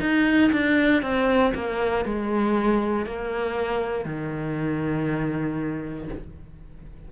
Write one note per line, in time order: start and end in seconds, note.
0.00 0.51 D#4
0.52 1.02 D4
1.02 1.53 C4
1.54 2.05 A#3
2.05 3.06 G#3
3.06 4.05 A#3
4.05 6.08 D#3